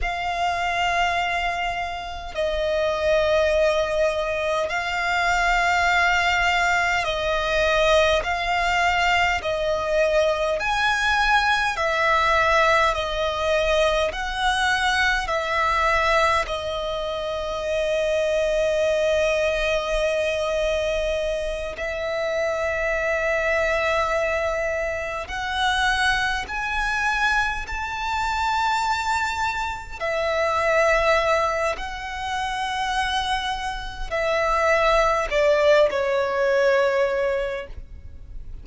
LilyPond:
\new Staff \with { instrumentName = "violin" } { \time 4/4 \tempo 4 = 51 f''2 dis''2 | f''2 dis''4 f''4 | dis''4 gis''4 e''4 dis''4 | fis''4 e''4 dis''2~ |
dis''2~ dis''8 e''4.~ | e''4. fis''4 gis''4 a''8~ | a''4. e''4. fis''4~ | fis''4 e''4 d''8 cis''4. | }